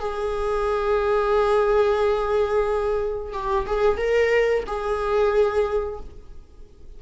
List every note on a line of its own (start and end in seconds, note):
0.00 3.33 G#4
3.33 3.66 G4
3.67 3.97 G#4
3.97 4.64 A#4
4.67 6.00 G#4